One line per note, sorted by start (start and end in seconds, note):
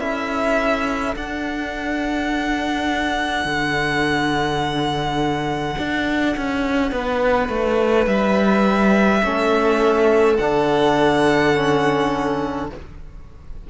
0.00 1.15 C#4
0.00 1.16 E4
0.00 6.93 A4
0.00 1.15 E5
1.16 3.45 D4
1.16 9.23 D4
1.16 8.07 F#5
3.45 5.76 D3
5.78 6.36 D4
6.37 6.92 C#4
6.92 7.50 B3
6.92 9.24 B4
7.50 8.07 A3
8.07 9.22 G3
8.07 10.37 E5
9.23 10.39 A3
9.23 10.38 C#4
9.23 12.71 A4
10.37 12.70 D3
10.37 11.55 D4
10.37 12.68 F#5
11.55 12.70 C#4